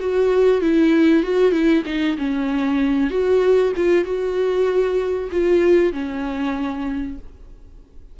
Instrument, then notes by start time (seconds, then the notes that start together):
viola
0.00 F#4
0.61 E4
1.23 F#4
1.52 E4
1.86 D#4
2.18 C#4
3.10 F#4
3.76 F4
4.05 F#4
5.32 F4
5.93 C#4